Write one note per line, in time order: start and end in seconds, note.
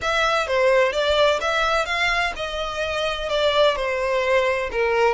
0.01 0.47 E5
0.47 0.92 C5
0.92 1.39 D5
1.41 1.85 E5
1.85 2.32 F5
2.36 3.29 D#5
3.29 3.76 D5
3.76 4.69 C5
4.71 5.14 A#4